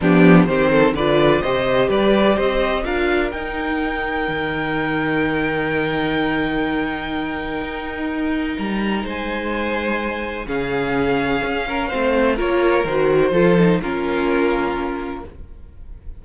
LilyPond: <<
  \new Staff \with { instrumentName = "violin" } { \time 4/4 \tempo 4 = 126 g'4 c''4 d''4 dis''4 | d''4 dis''4 f''4 g''4~ | g''1~ | g''1~ |
g''2 ais''4 gis''4~ | gis''2 f''2~ | f''2 cis''4 c''4~ | c''4 ais'2. | }
  \new Staff \with { instrumentName = "violin" } { \time 4/4 d'4 g'8 a'8 b'4 c''4 | b'4 c''4 ais'2~ | ais'1~ | ais'1~ |
ais'2. c''4~ | c''2 gis'2~ | gis'8 ais'8 c''4 ais'2 | a'4 f'2. | }
  \new Staff \with { instrumentName = "viola" } { \time 4/4 b4 c'4 f'4 g'4~ | g'2 f'4 dis'4~ | dis'1~ | dis'1~ |
dis'1~ | dis'2 cis'2~ | cis'4 c'4 f'4 fis'4 | f'8 dis'8 cis'2. | }
  \new Staff \with { instrumentName = "cello" } { \time 4/4 f4 dis4 d4 c4 | g4 c'4 d'4 dis'4~ | dis'4 dis2.~ | dis1 |
dis'2 g4 gis4~ | gis2 cis2 | cis'4 a4 ais4 dis4 | f4 ais2. | }
>>